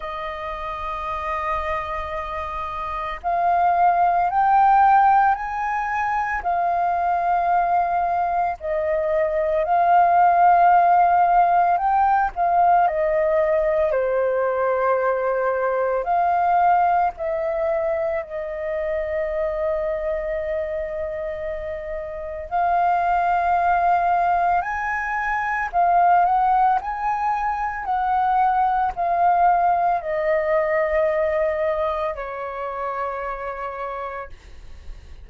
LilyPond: \new Staff \with { instrumentName = "flute" } { \time 4/4 \tempo 4 = 56 dis''2. f''4 | g''4 gis''4 f''2 | dis''4 f''2 g''8 f''8 | dis''4 c''2 f''4 |
e''4 dis''2.~ | dis''4 f''2 gis''4 | f''8 fis''8 gis''4 fis''4 f''4 | dis''2 cis''2 | }